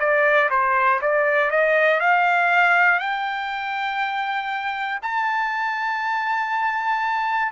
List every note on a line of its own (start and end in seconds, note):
0.00 0.50 D5
0.51 1.01 C5
1.02 1.51 D5
1.51 2.00 D#5
2.00 3.00 F5
3.00 5.00 G5
5.02 7.52 A5